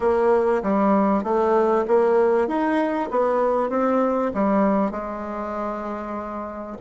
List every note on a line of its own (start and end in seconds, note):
0.00 0.62 A#3
0.62 1.23 G3
1.23 1.85 A3
1.87 2.47 A#3
2.47 3.09 D#4
3.10 3.69 B3
3.69 4.31 C4
4.34 4.91 G3
4.91 6.76 G#3